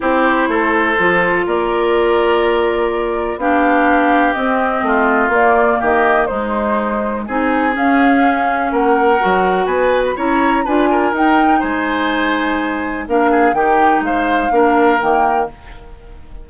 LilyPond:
<<
  \new Staff \with { instrumentName = "flute" } { \time 4/4 \tempo 4 = 124 c''2. d''4~ | d''2. f''4~ | f''4 dis''2 d''4 | dis''4 c''2 gis''4 |
f''2 fis''2 | gis''8. b''16 ais''4 gis''4 g''4 | gis''2. f''4 | g''4 f''2 g''4 | }
  \new Staff \with { instrumentName = "oboe" } { \time 4/4 g'4 a'2 ais'4~ | ais'2. g'4~ | g'2 f'2 | g'4 dis'2 gis'4~ |
gis'2 ais'2 | b'4 cis''4 b'8 ais'4. | c''2. ais'8 gis'8 | g'4 c''4 ais'2 | }
  \new Staff \with { instrumentName = "clarinet" } { \time 4/4 e'2 f'2~ | f'2. d'4~ | d'4 c'2 ais4~ | ais4 gis2 dis'4 |
cis'2. fis'4~ | fis'4 e'4 f'4 dis'4~ | dis'2. d'4 | dis'2 d'4 ais4 | }
  \new Staff \with { instrumentName = "bassoon" } { \time 4/4 c'4 a4 f4 ais4~ | ais2. b4~ | b4 c'4 a4 ais4 | dis4 gis2 c'4 |
cis'2 ais4 fis4 | b4 cis'4 d'4 dis'4 | gis2. ais4 | dis4 gis4 ais4 dis4 | }
>>